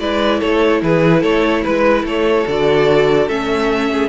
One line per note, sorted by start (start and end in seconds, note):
0.00 0.41 G#3
0.00 2.47 E4
0.00 0.40 B4
0.00 0.40 D5
0.40 0.82 A3
0.40 0.81 A4
0.40 0.82 C#5
0.82 1.23 E3
0.82 1.21 G#4
0.82 1.23 B4
1.21 1.64 A3
1.21 1.62 A4
1.21 1.64 C#5
1.64 2.04 G#3
1.64 2.05 B4
2.04 2.45 A3
2.04 3.90 A4
2.04 2.48 C#5
2.47 3.28 D3
2.47 3.29 F#4
2.47 3.28 D5
3.28 4.09 A3
3.28 4.09 C#4
3.28 4.09 E5
3.91 4.09 G#4